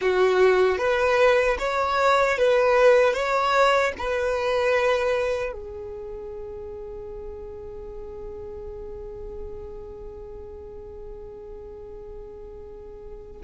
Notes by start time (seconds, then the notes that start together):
0.01 F#4
0.78 B4
1.59 C#5
2.38 B4
3.13 C#5
3.98 B4
5.52 G#4